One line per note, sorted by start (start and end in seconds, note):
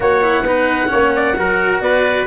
0.00 0.41 A#3
0.00 0.22 F#4
0.00 0.46 C#5
0.00 1.80 F#5
0.22 0.44 E4
0.41 0.87 B3
0.41 0.87 D#4
0.41 0.90 B4
0.87 1.38 A#3
0.87 1.33 C#4
0.87 1.13 C#5
1.15 1.38 D5
1.37 1.81 F#3
1.37 2.27 F#4
1.37 1.83 A#4
1.80 2.26 B3
1.80 2.27 B4
1.80 2.26 D5